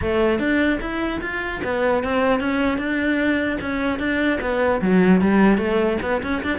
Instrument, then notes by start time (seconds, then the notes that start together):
cello
0.01 A3
0.39 D4
0.80 E4
1.21 F4
1.64 B3
2.03 C4
2.39 C#4
2.78 D4
3.61 C#4
3.99 D4
4.40 B3
4.81 F#3
5.21 G3
5.57 A3
6.01 B3
6.22 C#4
6.43 D4